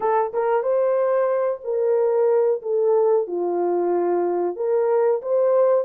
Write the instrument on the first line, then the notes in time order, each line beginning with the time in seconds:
horn
0.00 A4
0.33 A#4
0.62 C5
1.63 A#4
2.62 A4
3.27 F4
4.56 A#4
5.22 C5